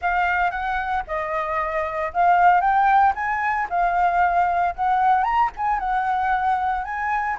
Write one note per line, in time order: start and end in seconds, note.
0.01 0.50 F5
0.50 1.03 F#5
1.07 2.12 D#5
2.13 2.60 F5
2.60 3.13 G5
3.15 3.67 G#5
3.69 4.74 F5
4.75 5.23 F#5
5.23 5.50 A#5
5.56 5.79 G#5
5.79 6.84 F#5
6.84 7.37 G#5